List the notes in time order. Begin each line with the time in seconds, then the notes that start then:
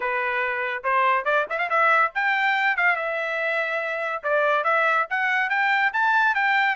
0.00 B4
0.83 C5
1.24 D5
1.49 E5
1.58 F5
1.69 E5
2.15 G5
2.76 F5
2.96 E5
4.23 D5
4.64 E5
5.10 F#5
5.49 G5
5.93 A5
6.34 G5